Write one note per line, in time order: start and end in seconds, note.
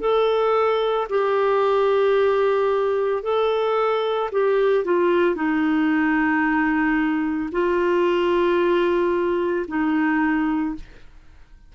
0.00 1.07 A4
1.09 3.23 G4
3.23 4.30 A4
4.32 4.85 G4
4.85 5.35 F4
5.35 7.50 D#4
7.51 9.66 F4
9.68 10.75 D#4